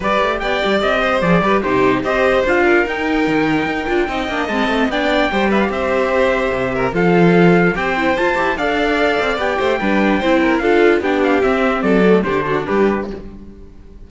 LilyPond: <<
  \new Staff \with { instrumentName = "trumpet" } { \time 4/4 \tempo 4 = 147 d''4 g''4 dis''4 d''4 | c''4 dis''4 f''4 g''4~ | g''2. a''4 | g''4. e''16 f''16 e''2~ |
e''4 f''2 g''4 | a''4 f''2 g''4~ | g''2 f''4 g''8 f''8 | e''4 d''4 c''4 b'4 | }
  \new Staff \with { instrumentName = "violin" } { \time 4/4 b'4 d''4. c''4 b'8 | g'4 c''4. ais'4.~ | ais'2 dis''2 | d''4 c''8 b'8 c''2~ |
c''8 ais'8 a'2 c''4~ | c''4 d''2~ d''8 c''8 | b'4 c''8 ais'8 a'4 g'4~ | g'4 a'4 g'8 fis'8 g'4 | }
  \new Staff \with { instrumentName = "viola" } { \time 4/4 g'2. gis'8 g'8 | dis'4 g'4 f'4 dis'4~ | dis'4. f'8 dis'8 d'8 c'4 | d'4 g'2.~ |
g'4 f'2 g'8 e'8 | f'8 g'8 a'2 g'4 | d'4 e'4 f'4 d'4 | c'4. a8 d'2 | }
  \new Staff \with { instrumentName = "cello" } { \time 4/4 g8 a8 b8 g8 c'4 f8 g8 | c4 c'4 d'4 dis'4 | dis4 dis'8 d'8 c'8 ais8 gis8 a8 | b4 g4 c'2 |
c4 f2 c'4 | f'8 e'8 d'4. c'8 b8 a8 | g4 c'4 d'4 b4 | c'4 fis4 d4 g4 | }
>>